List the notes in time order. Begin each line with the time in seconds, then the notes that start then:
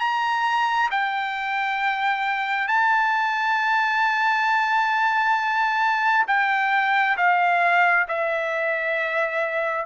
0.00 A#5
0.91 G5
2.68 A5
6.28 G5
7.17 F5
8.08 E5